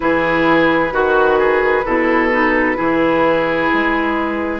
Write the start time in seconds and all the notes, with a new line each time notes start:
0.00 E3 E4 G#4 B4
0.92 D#3 F#4
1.38 G#4
1.85 B2 E4 A4
2.31 D#4
2.75 E3 E4 G#4
3.73 G#3